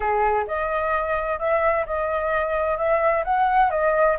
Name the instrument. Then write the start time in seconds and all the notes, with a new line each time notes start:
flute
0.00 G#4
0.47 D#5
1.39 E5
1.86 D#5
2.77 E5
3.24 F#5
3.70 D#5